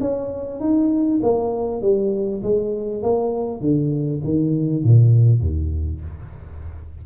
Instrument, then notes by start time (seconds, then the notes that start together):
tuba
0.00 C#4
0.60 D#4
1.22 A#3
1.81 G3
2.42 G#3
3.02 A#3
3.61 D3
4.24 D#3
4.83 A#2
5.40 D#2